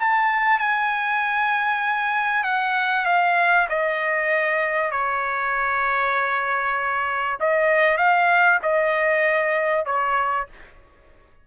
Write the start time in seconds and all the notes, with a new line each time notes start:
0.00 A5
0.60 G#5
2.44 F#5
3.06 F5
3.69 D#5
4.91 C#5
7.41 D#5
7.98 F5
8.63 D#5
9.86 C#5